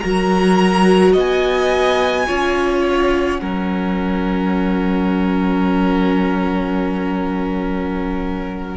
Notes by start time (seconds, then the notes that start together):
0.00 F#3 F#4 A#4 A#5
1.13 B3 D#5
1.19 G#5
2.27 C#4 F4 C#5
2.83 F#5
3.40 F#3 C#4 A#4